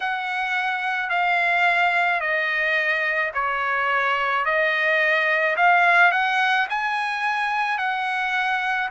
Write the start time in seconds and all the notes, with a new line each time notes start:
0.00 F#5
1.09 F5
2.20 D#5
3.34 C#5
4.44 D#5
5.56 F5
6.11 F#5
6.69 G#5
7.78 F#5